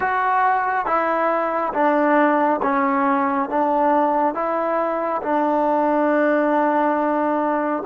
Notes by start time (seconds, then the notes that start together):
0.00 F#4
0.85 E4
1.73 D4
2.62 C#4
3.49 D4
4.34 E4
5.22 D4